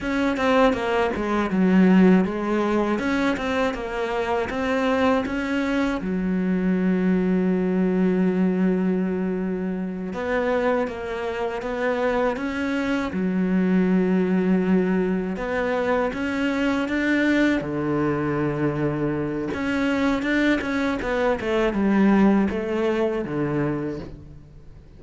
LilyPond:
\new Staff \with { instrumentName = "cello" } { \time 4/4 \tempo 4 = 80 cis'8 c'8 ais8 gis8 fis4 gis4 | cis'8 c'8 ais4 c'4 cis'4 | fis1~ | fis4. b4 ais4 b8~ |
b8 cis'4 fis2~ fis8~ | fis8 b4 cis'4 d'4 d8~ | d2 cis'4 d'8 cis'8 | b8 a8 g4 a4 d4 | }